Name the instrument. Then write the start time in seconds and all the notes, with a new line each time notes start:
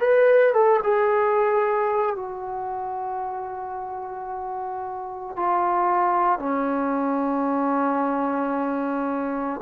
trombone
0.00 B4
0.53 A4
0.83 G#4
2.16 F#4
5.36 F4
6.39 C#4